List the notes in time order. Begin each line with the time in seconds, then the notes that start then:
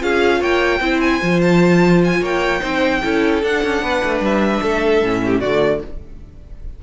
0.00 C#4 F4 G#4 F5
0.39 A#3 C#5 G5
0.80 C4 E4 C5
1.00 G#5
1.21 F3 F4
1.41 A5
2.04 G#5
2.21 A#3 C#5 G5
2.60 C4 D#4 C5
3.04 C#4 E4 A4
3.43 D4 F#5
3.63 C#4
3.81 B3 B4
4.04 A3
4.20 G3 E5
4.62 A3 A4
5.02 A2 C#4
5.25 G4
5.40 D3 A3 F#4 D5